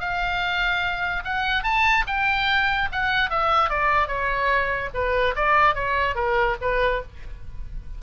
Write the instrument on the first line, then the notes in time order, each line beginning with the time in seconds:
oboe
0.00 F5
1.25 F#5
1.63 A5
2.07 G5
2.92 F#5
3.30 E5
3.70 D5
4.08 C#5
4.94 B4
5.36 D5
5.75 C#5
6.16 A#4
6.61 B4